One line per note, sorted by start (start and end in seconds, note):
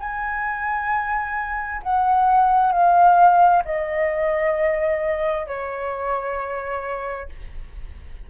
0.00 1.82 G#5
1.83 2.72 F#5
2.72 3.63 F5
3.65 5.47 D#5
5.47 7.29 C#5